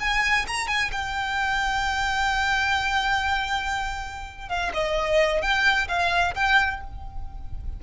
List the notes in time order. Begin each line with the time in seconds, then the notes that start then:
0.00 G#5
0.48 A#5
0.68 G#5
0.92 G5
4.49 F5
4.74 D#5
5.42 G5
5.88 F5
6.35 G5